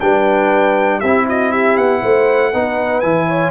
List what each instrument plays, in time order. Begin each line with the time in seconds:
0.00 tuba G3, trombone D4, horn B4, trumpet G5
0.99 tuba C4, trombone E4, horn G4, trumpet E5
1.28 horn F#4, trumpet D#5
1.51 horn G4, trumpet E5
1.77 tuba B3, trumpet F#5
2.01 tuba A3, horn C5
2.52 tuba B3, trombone D#4, horn B4
3.00 tuba E3, trombone E4, trumpet G#5
3.27 horn C#5